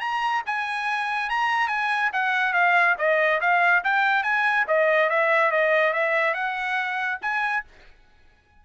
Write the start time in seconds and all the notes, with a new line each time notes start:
0.00 A#5
0.46 G#5
1.29 A#5
1.68 G#5
2.13 F#5
2.53 F5
2.98 D#5
3.41 F5
3.84 G5
4.23 G#5
4.67 D#5
5.10 E5
5.51 D#5
5.93 E5
6.34 F#5
7.22 G#5